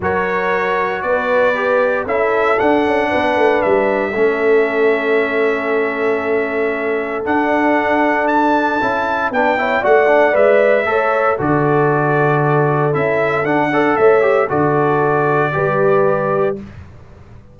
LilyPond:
<<
  \new Staff \with { instrumentName = "trumpet" } { \time 4/4 \tempo 4 = 116 cis''2 d''2 | e''4 fis''2 e''4~ | e''1~ | e''2 fis''2 |
a''2 g''4 fis''4 | e''2 d''2~ | d''4 e''4 fis''4 e''4 | d''1 | }
  \new Staff \with { instrumentName = "horn" } { \time 4/4 ais'2 b'2 | a'2 b'2 | a'1~ | a'1~ |
a'2 b'8 cis''8 d''4~ | d''4 cis''4 a'2~ | a'2~ a'8 d''8 cis''4 | a'2 b'2 | }
  \new Staff \with { instrumentName = "trombone" } { \time 4/4 fis'2. g'4 | e'4 d'2. | cis'1~ | cis'2 d'2~ |
d'4 e'4 d'8 e'8 fis'8 d'8 | b'4 a'4 fis'2~ | fis'4 e'4 d'8 a'4 g'8 | fis'2 g'2 | }
  \new Staff \with { instrumentName = "tuba" } { \time 4/4 fis2 b2 | cis'4 d'8 cis'8 b8 a8 g4 | a1~ | a2 d'2~ |
d'4 cis'4 b4 a4 | gis4 a4 d2~ | d4 cis'4 d'4 a4 | d2 g2 | }
>>